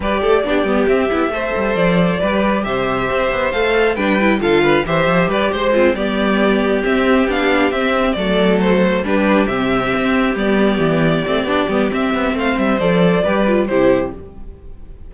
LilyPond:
<<
  \new Staff \with { instrumentName = "violin" } { \time 4/4 \tempo 4 = 136 d''2 e''2 | d''2 e''2 | f''4 g''4 f''4 e''4 | d''8 c''4 d''2 e''8~ |
e''8 f''4 e''4 d''4 c''8~ | c''8 b'4 e''2 d''8~ | d''2. e''4 | f''8 e''8 d''2 c''4 | }
  \new Staff \with { instrumentName = "violin" } { \time 4/4 b'8 a'8 g'2 c''4~ | c''4 b'4 c''2~ | c''4 b'4 a'8 b'8 c''4 | b'8 c''8 c'8 g'2~ g'8~ |
g'2~ g'8 a'4.~ | a'8 g'2.~ g'8~ | g'1 | c''2 b'4 g'4 | }
  \new Staff \with { instrumentName = "viola" } { \time 4/4 g'4 d'8 b8 c'8 e'8 a'4~ | a'4 g'2. | a'4 d'8 e'8 f'4 g'4~ | g'4 f'8 b2 c'8~ |
c'8 d'4 c'4 a4.~ | a8 d'4 c'2 b8~ | b4. c'8 d'8 b8 c'4~ | c'4 a'4 g'8 f'8 e'4 | }
  \new Staff \with { instrumentName = "cello" } { \time 4/4 g8 a8 b8 g8 c'8 b8 a8 g8 | f4 g4 c4 c'8 b8 | a4 g4 d4 e8 f8 | g8 gis4 g2 c'8~ |
c'8 b4 c'4 fis4.~ | fis8 g4 c4 c'4 g8~ | g8 e4 a8 b8 g8 c'8 b8 | a8 g8 f4 g4 c4 | }
>>